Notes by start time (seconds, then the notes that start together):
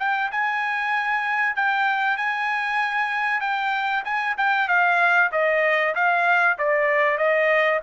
0.00 G5
0.32 G#5
1.56 G5
2.18 G#5
3.41 G5
4.05 G#5
4.38 G5
4.68 F5
5.32 D#5
5.95 F5
6.59 D5
7.18 D#5